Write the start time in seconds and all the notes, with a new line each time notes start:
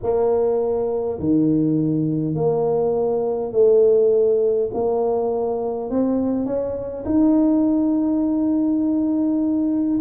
0.03 A#3
1.19 D#3
2.34 A#3
3.52 A3
4.73 A#3
5.89 C4
6.45 C#4
7.05 D#4